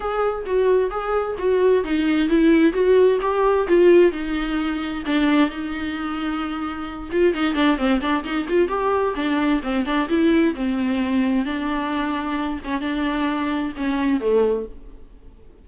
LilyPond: \new Staff \with { instrumentName = "viola" } { \time 4/4 \tempo 4 = 131 gis'4 fis'4 gis'4 fis'4 | dis'4 e'4 fis'4 g'4 | f'4 dis'2 d'4 | dis'2.~ dis'8 f'8 |
dis'8 d'8 c'8 d'8 dis'8 f'8 g'4 | d'4 c'8 d'8 e'4 c'4~ | c'4 d'2~ d'8 cis'8 | d'2 cis'4 a4 | }